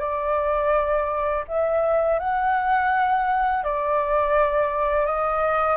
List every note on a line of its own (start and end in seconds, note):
0.00 1.45 D5
1.48 2.19 E5
2.19 3.64 F#5
3.64 5.06 D5
5.06 5.77 D#5